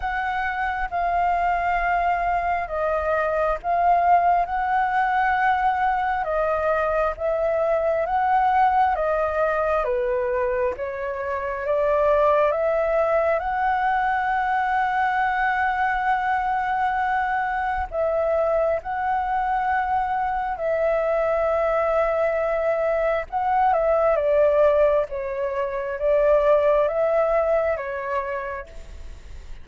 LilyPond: \new Staff \with { instrumentName = "flute" } { \time 4/4 \tempo 4 = 67 fis''4 f''2 dis''4 | f''4 fis''2 dis''4 | e''4 fis''4 dis''4 b'4 | cis''4 d''4 e''4 fis''4~ |
fis''1 | e''4 fis''2 e''4~ | e''2 fis''8 e''8 d''4 | cis''4 d''4 e''4 cis''4 | }